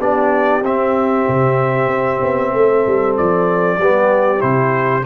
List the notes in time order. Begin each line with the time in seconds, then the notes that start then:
0.00 B3 D4 G4 D5
0.62 C4 E5
1.29 C3
1.87 C4
2.22 B3
2.54 A3 A4
2.87 G3
3.17 F3 D5
3.78 G3 B3 G4
4.39 C3 E4 C5